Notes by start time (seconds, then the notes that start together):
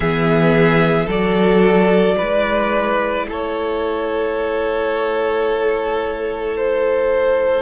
0.00 E3 B3 G#4 E5
1.06 F#3 F#4 A4 D5
2.17 G#3 E4 B4
3.28 A3 A4 C#5
6.56 C5